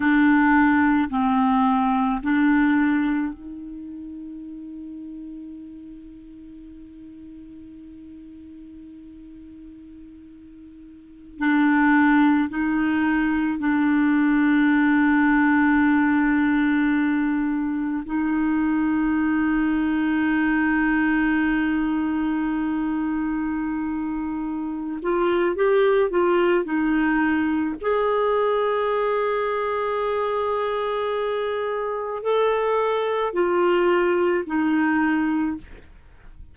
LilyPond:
\new Staff \with { instrumentName = "clarinet" } { \time 4/4 \tempo 4 = 54 d'4 c'4 d'4 dis'4~ | dis'1~ | dis'2~ dis'16 d'4 dis'8.~ | dis'16 d'2.~ d'8.~ |
d'16 dis'2.~ dis'8.~ | dis'2~ dis'8 f'8 g'8 f'8 | dis'4 gis'2.~ | gis'4 a'4 f'4 dis'4 | }